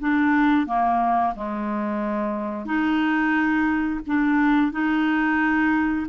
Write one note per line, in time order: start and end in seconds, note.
0.00 0.67 D4
0.67 1.34 A#3
1.35 2.65 G#3
2.65 4.00 D#4
4.07 4.72 D4
4.72 6.07 D#4